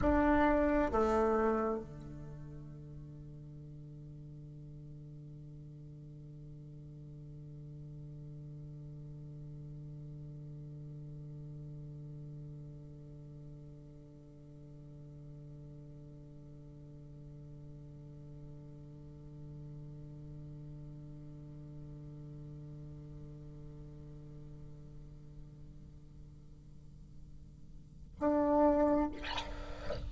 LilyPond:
\new Staff \with { instrumentName = "bassoon" } { \time 4/4 \tempo 4 = 66 d'4 a4 d2~ | d1~ | d1~ | d1~ |
d1~ | d1~ | d1~ | d2. d'4 | }